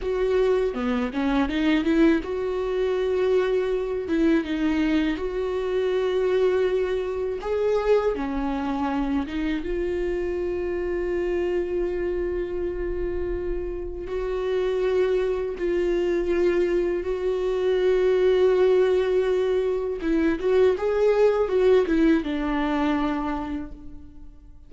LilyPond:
\new Staff \with { instrumentName = "viola" } { \time 4/4 \tempo 4 = 81 fis'4 b8 cis'8 dis'8 e'8 fis'4~ | fis'4. e'8 dis'4 fis'4~ | fis'2 gis'4 cis'4~ | cis'8 dis'8 f'2.~ |
f'2. fis'4~ | fis'4 f'2 fis'4~ | fis'2. e'8 fis'8 | gis'4 fis'8 e'8 d'2 | }